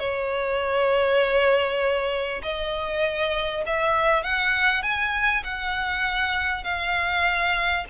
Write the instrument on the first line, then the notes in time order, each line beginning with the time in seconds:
violin
0.00 C#5
2.43 D#5
3.67 E5
4.24 F#5
4.83 G#5
5.44 F#5
6.64 F5